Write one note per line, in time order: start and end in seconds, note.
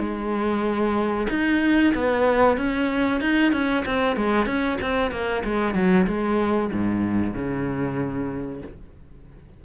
0.00 1.28 G#3
1.30 1.94 D#4
1.95 2.57 B3
2.57 3.21 C#4
3.21 3.53 D#4
3.53 3.84 C#4
3.86 4.17 C4
4.17 4.46 G#3
4.46 4.78 C#4
4.81 5.12 C4
5.12 5.43 A#3
5.44 5.74 G#3
5.74 6.06 F#3
6.07 6.71 G#3
6.73 7.34 G#2
7.34 8.62 C#3